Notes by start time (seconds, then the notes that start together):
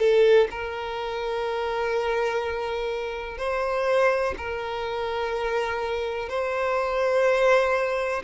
0.00 A4
0.51 A#4
3.38 C5
4.38 A#4
6.29 C5